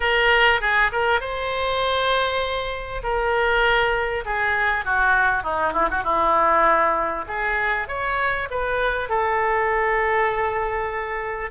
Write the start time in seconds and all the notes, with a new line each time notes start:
0.00 A#4
0.61 G#4
0.92 A#4
1.20 C5
3.03 A#4
4.25 G#4
4.84 F#4
5.43 D#4
5.73 E4
5.90 F#4
6.03 E4
7.27 G#4
7.88 C#5
8.50 B4
9.09 A4